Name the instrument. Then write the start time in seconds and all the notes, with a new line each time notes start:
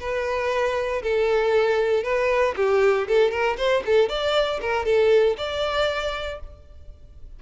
violin
0.00 B4
1.03 A4
2.04 B4
2.56 G4
3.08 A4
3.31 A#4
3.58 C5
3.86 A4
4.10 D5
4.61 A#4
4.86 A4
5.38 D5